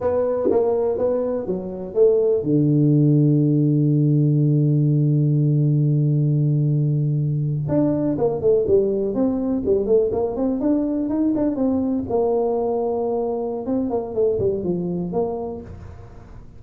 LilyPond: \new Staff \with { instrumentName = "tuba" } { \time 4/4 \tempo 4 = 123 b4 ais4 b4 fis4 | a4 d2.~ | d1~ | d2.~ d8. d'16~ |
d'8. ais8 a8 g4 c'4 g16~ | g16 a8 ais8 c'8 d'4 dis'8 d'8 c'16~ | c'8. ais2.~ ais16 | c'8 ais8 a8 g8 f4 ais4 | }